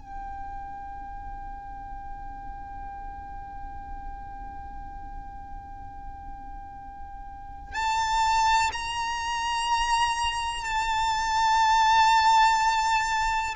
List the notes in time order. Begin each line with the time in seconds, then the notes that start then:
0.00 G5
7.75 A5
8.73 A#5
10.65 A5